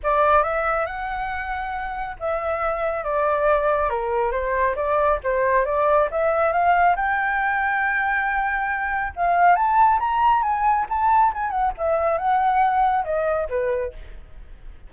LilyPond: \new Staff \with { instrumentName = "flute" } { \time 4/4 \tempo 4 = 138 d''4 e''4 fis''2~ | fis''4 e''2 d''4~ | d''4 ais'4 c''4 d''4 | c''4 d''4 e''4 f''4 |
g''1~ | g''4 f''4 a''4 ais''4 | gis''4 a''4 gis''8 fis''8 e''4 | fis''2 dis''4 b'4 | }